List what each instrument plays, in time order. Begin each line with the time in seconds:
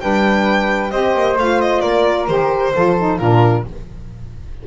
0.00 double bass G3, saxophone D4, flute B4, violin G5
0.91 double bass C4, saxophone G4, flute C5, violin D#5
1.14 double bass A#3
1.36 double bass A3, saxophone F4, violin F5
1.61 violin D#5
1.80 double bass A#3, flute A#4, violin D5
2.27 double bass D#3, saxophone G4, violin C5
2.75 double bass F3, saxophone F4, flute A4
2.98 saxophone D#4
3.18 double bass A#2, saxophone D4, flute F4, violin A#4